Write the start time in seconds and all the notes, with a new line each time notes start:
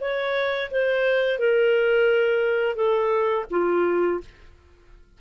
0.00 C#5
0.70 C5
1.38 A#4
2.75 A4
3.50 F4